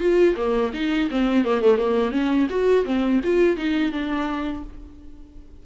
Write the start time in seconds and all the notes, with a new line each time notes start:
0.00 F4
0.37 A#3
0.74 D#4
1.11 C4
1.44 A#3
1.61 A3
1.78 A#3
2.12 C#4
2.50 F#4
2.85 C4
3.24 F4
3.57 D#4
3.92 D4